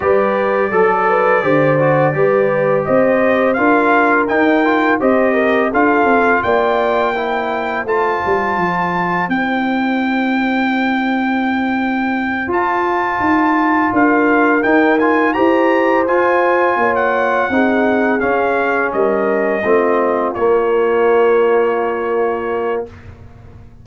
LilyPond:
<<
  \new Staff \with { instrumentName = "trumpet" } { \time 4/4 \tempo 4 = 84 d''1 | dis''4 f''4 g''4 dis''4 | f''4 g''2 a''4~ | a''4 g''2.~ |
g''4. a''2 f''8~ | f''8 g''8 gis''8 ais''4 gis''4~ gis''16 fis''16~ | fis''4. f''4 dis''4.~ | dis''8 cis''2.~ cis''8 | }
  \new Staff \with { instrumentName = "horn" } { \time 4/4 b'4 a'8 b'8 c''4 b'4 | c''4 ais'2 c''8 ais'8 | a'4 d''4 c''2~ | c''1~ |
c''2.~ c''8 ais'8~ | ais'4. c''2 cis''8~ | cis''8 gis'2 ais'4 f'8~ | f'1 | }
  \new Staff \with { instrumentName = "trombone" } { \time 4/4 g'4 a'4 g'8 fis'8 g'4~ | g'4 f'4 dis'8 f'8 g'4 | f'2 e'4 f'4~ | f'4 e'2.~ |
e'4. f'2~ f'8~ | f'8 dis'8 f'8 g'4 f'4.~ | f'8 dis'4 cis'2 c'8~ | c'8 ais2.~ ais8 | }
  \new Staff \with { instrumentName = "tuba" } { \time 4/4 g4 fis4 d4 g4 | c'4 d'4 dis'4 c'4 | d'8 c'8 ais2 a8 g8 | f4 c'2.~ |
c'4. f'4 dis'4 d'8~ | d'8 dis'4 e'4 f'4 ais8~ | ais8 c'4 cis'4 g4 a8~ | a8 ais2.~ ais8 | }
>>